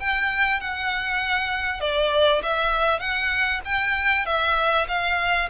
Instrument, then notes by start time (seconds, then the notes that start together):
violin
0.00 G5
0.61 F#5
1.81 D5
2.43 E5
3.00 F#5
3.65 G5
4.26 E5
4.88 F5